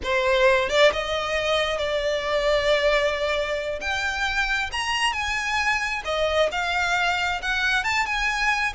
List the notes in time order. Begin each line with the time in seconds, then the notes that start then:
0.03 C5
0.69 D5
0.92 D#5
1.78 D5
3.81 G5
4.71 A#5
5.12 G#5
6.04 D#5
6.51 F5
7.41 F#5
7.84 A5
8.06 G#5